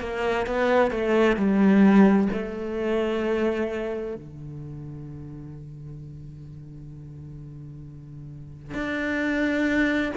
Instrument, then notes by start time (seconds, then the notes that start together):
cello
0.00 A#3
0.46 B3
0.91 A3
1.36 G3
2.32 A3
4.15 D3
8.74 D4